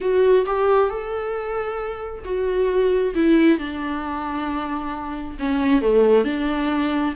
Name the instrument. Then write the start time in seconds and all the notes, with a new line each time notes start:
viola
0.00 F#4
0.46 G4
0.89 A4
2.24 F#4
3.14 E4
3.58 D4
5.39 C#4
5.81 A3
6.24 D4